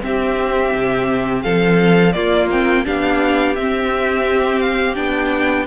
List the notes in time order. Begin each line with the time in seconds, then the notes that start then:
0.00 C4 E5
0.06 G4
0.74 C3
1.42 F3 A4 F5
2.12 A#3 F4 D5
2.51 C4 G5
2.85 B3 D4 G4 F5
3.55 C4 E5
4.60 F5
4.95 B3 D4 G5